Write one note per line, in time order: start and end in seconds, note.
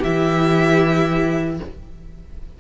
0.00 1.60 E3
0.00 1.61 E4
0.00 1.56 G4
0.00 1.59 E5